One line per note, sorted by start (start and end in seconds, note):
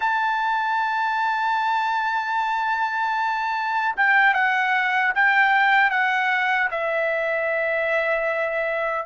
0.00 3.95 A5
3.96 4.34 G5
4.34 5.13 F#5
5.15 5.90 G5
5.90 6.69 F#5
6.70 9.06 E5